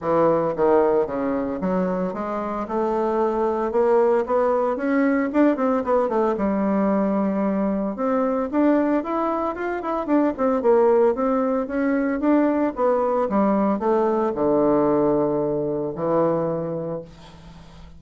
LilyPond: \new Staff \with { instrumentName = "bassoon" } { \time 4/4 \tempo 4 = 113 e4 dis4 cis4 fis4 | gis4 a2 ais4 | b4 cis'4 d'8 c'8 b8 a8 | g2. c'4 |
d'4 e'4 f'8 e'8 d'8 c'8 | ais4 c'4 cis'4 d'4 | b4 g4 a4 d4~ | d2 e2 | }